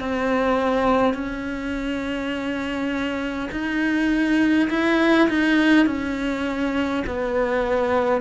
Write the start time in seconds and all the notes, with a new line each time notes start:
0.00 C4
1.14 C#4
3.52 D#4
4.70 E4
5.29 D#4
5.87 C#4
7.07 B3